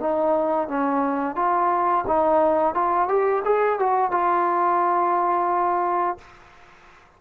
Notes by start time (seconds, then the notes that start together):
0.00 D#4
0.68 C#4
1.36 F4
2.08 D#4
2.75 F4
3.09 G4
3.45 G#4
3.80 F#4
4.12 F4